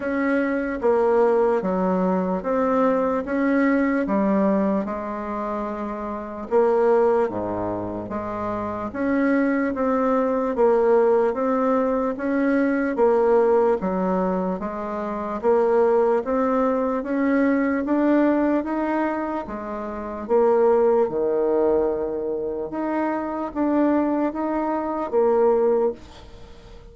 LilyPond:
\new Staff \with { instrumentName = "bassoon" } { \time 4/4 \tempo 4 = 74 cis'4 ais4 fis4 c'4 | cis'4 g4 gis2 | ais4 gis,4 gis4 cis'4 | c'4 ais4 c'4 cis'4 |
ais4 fis4 gis4 ais4 | c'4 cis'4 d'4 dis'4 | gis4 ais4 dis2 | dis'4 d'4 dis'4 ais4 | }